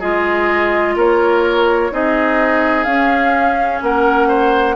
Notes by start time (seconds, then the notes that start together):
0.00 G#3 F4 G#4 D#5
0.96 A#3 A#4 C#5
1.91 C4 D#4 G#4 D#5
2.85 C#4 F5
3.82 A#3 A#4 F#5
4.28 C5